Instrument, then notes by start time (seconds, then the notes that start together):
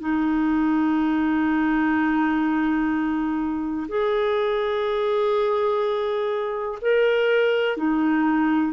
clarinet
0.00 D#4
3.88 G#4
6.81 A#4
7.77 D#4